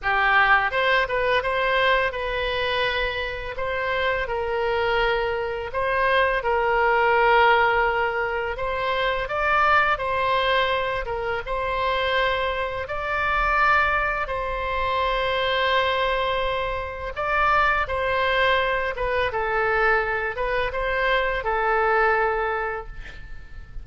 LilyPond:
\new Staff \with { instrumentName = "oboe" } { \time 4/4 \tempo 4 = 84 g'4 c''8 b'8 c''4 b'4~ | b'4 c''4 ais'2 | c''4 ais'2. | c''4 d''4 c''4. ais'8 |
c''2 d''2 | c''1 | d''4 c''4. b'8 a'4~ | a'8 b'8 c''4 a'2 | }